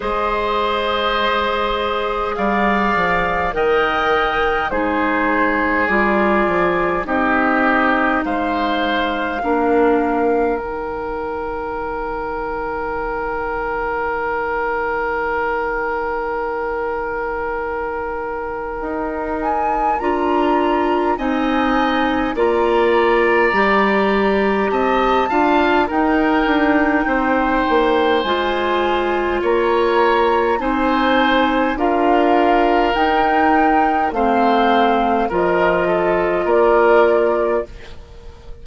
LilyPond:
<<
  \new Staff \with { instrumentName = "flute" } { \time 4/4 \tempo 4 = 51 dis''2 f''4 g''4 | c''4 d''4 dis''4 f''4~ | f''4 g''2.~ | g''1~ |
g''8 gis''8 ais''4 gis''4 ais''4~ | ais''4 a''4 g''2 | gis''4 ais''4 gis''4 f''4 | g''4 f''4 dis''4 d''4 | }
  \new Staff \with { instrumentName = "oboe" } { \time 4/4 c''2 d''4 dis''4 | gis'2 g'4 c''4 | ais'1~ | ais'1~ |
ais'2 dis''4 d''4~ | d''4 dis''8 f''8 ais'4 c''4~ | c''4 cis''4 c''4 ais'4~ | ais'4 c''4 ais'8 a'8 ais'4 | }
  \new Staff \with { instrumentName = "clarinet" } { \time 4/4 gis'2. ais'4 | dis'4 f'4 dis'2 | d'4 dis'2.~ | dis'1~ |
dis'4 f'4 dis'4 f'4 | g'4. f'8 dis'2 | f'2 dis'4 f'4 | dis'4 c'4 f'2 | }
  \new Staff \with { instrumentName = "bassoon" } { \time 4/4 gis2 g8 f8 dis4 | gis4 g8 f8 c'4 gis4 | ais4 dis2.~ | dis1 |
dis'4 d'4 c'4 ais4 | g4 c'8 d'8 dis'8 d'8 c'8 ais8 | gis4 ais4 c'4 d'4 | dis'4 a4 f4 ais4 | }
>>